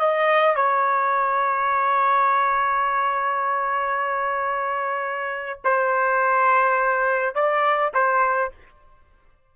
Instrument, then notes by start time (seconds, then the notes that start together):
trumpet
0.00 D#5
0.56 C#5
5.64 C5
7.35 D5
7.94 C5